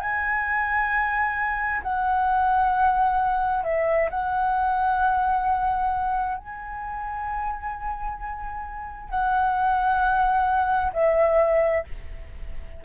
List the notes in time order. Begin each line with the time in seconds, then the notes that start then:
0.00 G#5
1.83 F#5
3.64 E5
4.10 F#5
6.38 G#5
9.10 F#5
10.93 E5